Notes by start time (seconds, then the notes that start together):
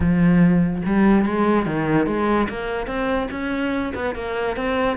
0.00 F3
0.86 G3
1.25 G#3
1.66 D#3
2.06 G#3
2.49 A#3
2.86 C4
3.31 C#4
3.95 B3
4.15 A#3
4.56 C4